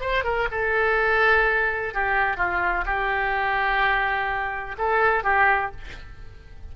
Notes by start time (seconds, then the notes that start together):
0.00 C5
0.24 A#4
0.51 A4
1.94 G4
2.37 F4
2.85 G4
4.78 A4
5.23 G4